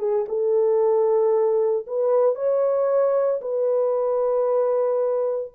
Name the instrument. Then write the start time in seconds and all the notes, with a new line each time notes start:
horn
0.00 G#4
0.29 A4
1.87 B4
2.36 C#5
3.42 B4